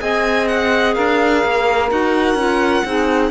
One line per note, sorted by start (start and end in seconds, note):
0.00 0.96 C4
0.00 1.90 G#4
0.00 0.95 D#5
0.00 0.48 G#5
0.48 0.95 F#5
0.95 1.45 D4
0.95 2.85 A#4
0.95 1.90 F5
1.45 1.91 A#3
1.90 2.35 D#4
1.90 2.38 F#4
1.90 3.31 F#5
2.35 2.82 C#4
2.35 2.86 F4
2.85 3.31 C4
2.85 3.31 D#4
2.85 3.31 G#4